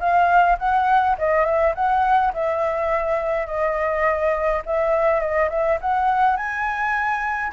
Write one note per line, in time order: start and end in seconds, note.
0.00 0.58 F5
0.59 1.16 F#5
1.18 1.45 D#5
1.45 1.74 E5
1.75 2.33 F#5
2.33 3.47 E5
3.47 4.62 D#5
4.66 5.20 E5
5.20 5.49 D#5
5.50 5.78 E5
5.81 6.37 F#5
6.37 7.52 G#5